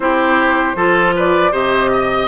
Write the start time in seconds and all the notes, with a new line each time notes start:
0.00 C4 E4 G4 C5
0.75 F3 F4 A4
1.15 B4 D5
1.51 C3 G4 C5 D#5
1.92 D#5